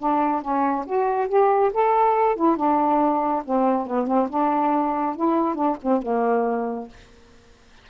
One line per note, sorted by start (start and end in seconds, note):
0.00 0.42 D4
0.42 0.85 C#4
0.87 1.29 F#4
1.29 1.72 G4
1.74 2.36 A4
2.36 2.57 E4
2.57 3.44 D4
3.45 3.87 C4
3.87 4.08 B3
4.08 4.29 C4
4.30 5.16 D4
5.16 5.55 E4
5.55 5.77 D4
5.83 6.03 C4
6.03 6.89 A#3